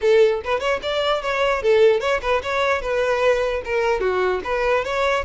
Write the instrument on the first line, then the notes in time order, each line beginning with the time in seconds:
violin
0.01 A4
0.44 B4
0.59 C#5
0.82 D5
1.22 C#5
1.62 A4
2.00 C#5
2.21 B4
2.42 C#5
2.81 B4
3.64 A#4
4.00 F#4
4.43 B4
4.84 C#5